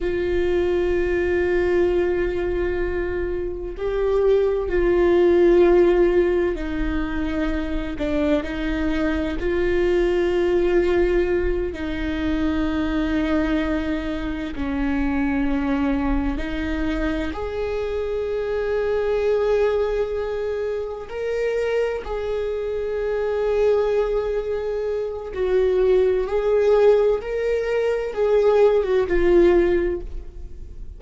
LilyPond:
\new Staff \with { instrumentName = "viola" } { \time 4/4 \tempo 4 = 64 f'1 | g'4 f'2 dis'4~ | dis'8 d'8 dis'4 f'2~ | f'8 dis'2. cis'8~ |
cis'4. dis'4 gis'4.~ | gis'2~ gis'8 ais'4 gis'8~ | gis'2. fis'4 | gis'4 ais'4 gis'8. fis'16 f'4 | }